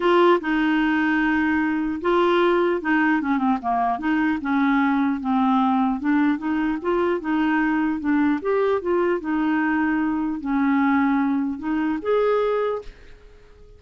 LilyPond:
\new Staff \with { instrumentName = "clarinet" } { \time 4/4 \tempo 4 = 150 f'4 dis'2.~ | dis'4 f'2 dis'4 | cis'8 c'8 ais4 dis'4 cis'4~ | cis'4 c'2 d'4 |
dis'4 f'4 dis'2 | d'4 g'4 f'4 dis'4~ | dis'2 cis'2~ | cis'4 dis'4 gis'2 | }